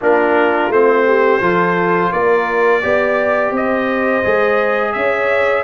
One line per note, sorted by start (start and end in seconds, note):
0.01 0.69 A#3
0.01 0.71 D4
0.01 1.06 F4
0.01 0.71 A#4
0.69 1.40 A3
0.69 1.41 C4
0.69 2.12 C5
1.06 1.41 G4
1.40 2.11 F3
1.40 2.82 F4
1.40 2.11 A4
2.12 2.83 A#3
2.12 2.81 A#4
2.12 3.53 D5
2.81 3.51 B3
2.81 4.23 G4
2.81 3.52 D5
3.51 4.21 C4
3.51 4.93 C5
3.51 4.92 D#5
4.23 4.95 G#3
4.23 5.64 G#4
4.92 5.64 C#4
4.92 5.64 C#5
4.92 5.63 E5